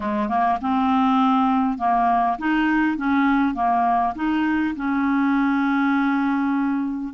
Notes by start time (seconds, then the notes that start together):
0.00 G#3
0.28 A#3
0.61 C4
1.78 A#3
2.38 D#4
2.97 C#4
3.54 A#3
4.15 D#4
4.76 C#4